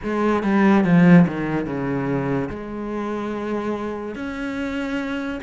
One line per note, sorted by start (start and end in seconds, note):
0.03 0.43 G#3
0.43 0.84 G3
0.84 1.26 F3
1.27 1.66 D#3
1.66 2.49 C#3
2.49 4.15 G#3
4.15 5.40 C#4